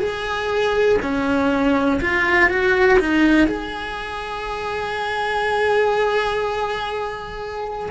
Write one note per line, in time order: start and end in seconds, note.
0.00 0.98 G#4
1.01 2.00 C#4
2.01 2.49 F4
2.49 2.99 F#4
2.99 3.47 D#4
3.47 7.90 G#4